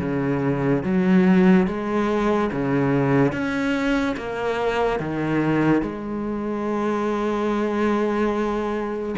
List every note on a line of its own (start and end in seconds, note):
0.00 0.83 C#3
0.83 1.67 F#3
1.67 2.50 G#3
2.52 3.33 C#3
3.33 4.16 C#4
4.17 5.00 A#3
5.00 5.82 D#3
5.82 9.16 G#3